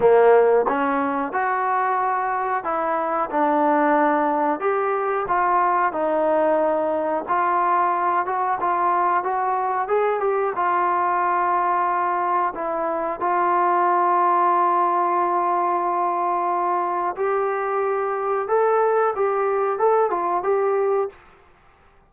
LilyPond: \new Staff \with { instrumentName = "trombone" } { \time 4/4 \tempo 4 = 91 ais4 cis'4 fis'2 | e'4 d'2 g'4 | f'4 dis'2 f'4~ | f'8 fis'8 f'4 fis'4 gis'8 g'8 |
f'2. e'4 | f'1~ | f'2 g'2 | a'4 g'4 a'8 f'8 g'4 | }